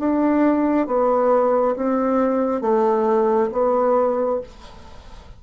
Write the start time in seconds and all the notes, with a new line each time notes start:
0.00 D4
0.87 B3
1.76 C4
2.61 A3
3.53 B3